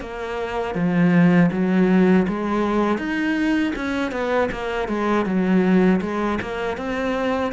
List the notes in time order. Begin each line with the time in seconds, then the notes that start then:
0.00 A#3
0.74 F3
1.51 F#3
2.28 G#3
2.98 D#4
3.75 C#4
4.11 B3
4.51 A#3
4.88 G#3
5.25 F#3
6.01 G#3
6.41 A#3
6.77 C4